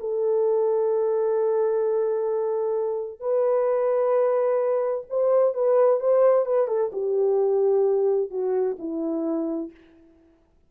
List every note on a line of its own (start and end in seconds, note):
0.00 3.20 A4
3.20 5.05 B4
5.10 5.54 C5
5.54 6.00 B4
6.00 6.46 C5
6.46 6.68 B4
6.68 6.91 A4
6.93 8.31 G4
8.31 8.77 F#4
8.79 9.71 E4